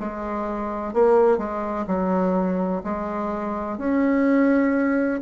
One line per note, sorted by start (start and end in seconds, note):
0.00 0.94 G#3
0.94 1.38 A#3
1.38 1.86 G#3
1.87 2.83 F#3
2.84 3.78 G#3
3.78 5.21 C#4